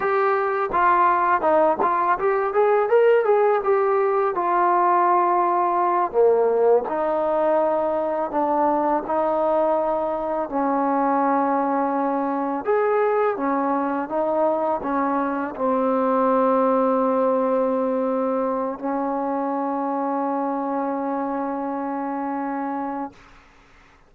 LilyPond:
\new Staff \with { instrumentName = "trombone" } { \time 4/4 \tempo 4 = 83 g'4 f'4 dis'8 f'8 g'8 gis'8 | ais'8 gis'8 g'4 f'2~ | f'8 ais4 dis'2 d'8~ | d'8 dis'2 cis'4.~ |
cis'4. gis'4 cis'4 dis'8~ | dis'8 cis'4 c'2~ c'8~ | c'2 cis'2~ | cis'1 | }